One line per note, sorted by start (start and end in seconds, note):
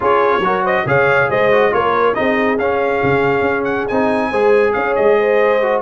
0.00 0.39 C#4
0.00 0.40 F4
0.00 0.44 G#4
0.00 0.65 C#5
0.39 0.82 F#3
0.39 0.86 F#4
0.46 0.63 A#4
0.63 0.84 C5
0.63 0.87 D#5
0.85 1.28 C#3
0.85 1.51 G#4
0.85 1.29 C#5
0.85 1.30 F5
1.29 1.73 G#3
1.29 1.72 C5
1.29 1.73 D#5
1.51 1.71 F#4
1.71 2.17 A#3
1.71 2.14 F4
1.71 2.16 A#4
1.71 2.14 C#5
2.14 2.57 C4
2.14 2.57 D#4
2.14 4.29 G#4
2.14 2.57 D#5
2.57 3.01 C#4
2.57 3.90 C#4
2.57 3.64 F5
3.02 3.40 C#3
3.40 3.84 C#4
3.64 3.85 F#5
3.87 4.31 C4
3.87 4.32 D#4
3.87 4.73 G#5
4.29 4.74 G#3
4.29 5.61 G#4
4.29 4.73 C5
4.73 4.97 C#4
4.73 5.18 C#5
4.73 4.95 F5
4.95 5.82 G#3
4.95 5.82 D#5
5.18 5.82 C5
5.61 5.82 F#4